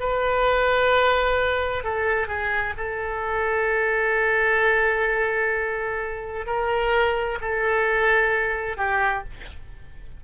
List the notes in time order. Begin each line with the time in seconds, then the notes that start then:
0.00 B4
1.84 A4
2.28 G#4
2.77 A4
6.47 A#4
7.41 A4
8.77 G4